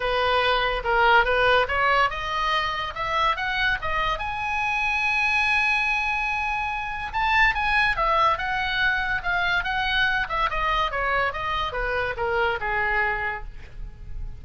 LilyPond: \new Staff \with { instrumentName = "oboe" } { \time 4/4 \tempo 4 = 143 b'2 ais'4 b'4 | cis''4 dis''2 e''4 | fis''4 dis''4 gis''2~ | gis''1~ |
gis''4 a''4 gis''4 e''4 | fis''2 f''4 fis''4~ | fis''8 e''8 dis''4 cis''4 dis''4 | b'4 ais'4 gis'2 | }